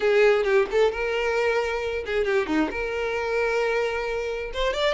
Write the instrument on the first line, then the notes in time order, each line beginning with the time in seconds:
violin
0.00 G#4
0.43 G4
0.71 A4
0.91 A#4
2.06 G#4
2.24 G4
2.46 D#4
2.71 A#4
4.53 C5
4.73 D5